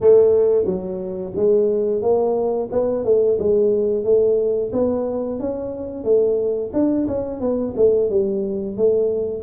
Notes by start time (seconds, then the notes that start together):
0.00 A3
0.65 F#3
1.35 G#3
2.02 A#3
2.71 B3
3.04 A3
3.38 G#3
4.04 A3
4.72 B3
5.39 C#4
6.03 A3
6.73 D4
7.07 C#4
7.40 B3
7.76 A3
8.09 G3
8.76 A3